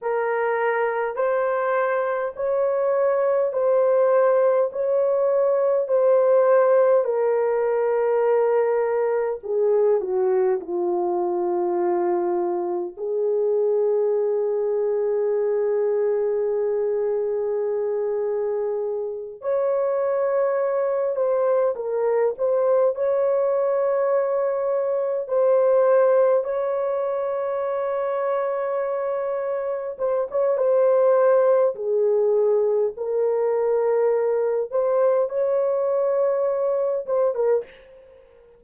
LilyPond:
\new Staff \with { instrumentName = "horn" } { \time 4/4 \tempo 4 = 51 ais'4 c''4 cis''4 c''4 | cis''4 c''4 ais'2 | gis'8 fis'8 f'2 gis'4~ | gis'1~ |
gis'8 cis''4. c''8 ais'8 c''8 cis''8~ | cis''4. c''4 cis''4.~ | cis''4. c''16 cis''16 c''4 gis'4 | ais'4. c''8 cis''4. c''16 ais'16 | }